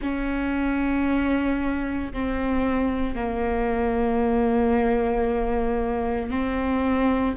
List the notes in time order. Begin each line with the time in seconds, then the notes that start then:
0.01 C#4
2.12 C4
3.15 A#3
6.30 C4